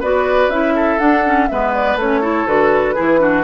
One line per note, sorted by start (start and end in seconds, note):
0.00 0.48 B3
0.00 0.51 F#4
0.00 0.74 B4
0.00 0.50 D5
0.48 0.98 C#4
0.48 1.00 E4
0.48 0.99 E5
0.75 1.49 A4
0.99 1.24 D4
0.99 1.49 D4
0.99 1.47 F#5
1.25 1.49 C#4
1.47 1.95 G#3
1.47 1.99 B3
1.47 2.21 B4
1.47 1.72 E5
1.74 1.98 D5
1.95 2.45 A3
1.95 2.22 C#4
1.95 2.47 C#5
2.21 2.47 E4
2.21 2.95 A4
2.46 2.95 D3
2.46 2.96 F#4
2.46 3.44 B4
2.95 3.44 E3
2.95 3.19 E4
2.95 3.19 G#4
3.19 3.43 D4
3.19 3.44 F#4